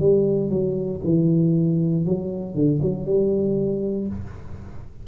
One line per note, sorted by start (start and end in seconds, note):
0.00 0.50 G3
0.50 1.01 F#3
1.04 2.06 E3
2.06 2.55 F#3
2.55 2.81 D3
2.82 3.06 F#3
3.06 4.08 G3